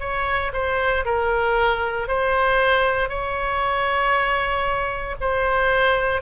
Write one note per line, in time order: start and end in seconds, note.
0.00 0.52 C#5
0.53 1.05 C5
1.05 2.08 A#4
2.08 3.09 C5
3.09 5.16 C#5
5.21 6.22 C5